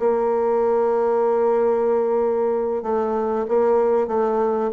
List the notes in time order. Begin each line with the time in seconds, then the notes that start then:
0.00 A#3
2.83 A3
3.49 A#3
4.08 A3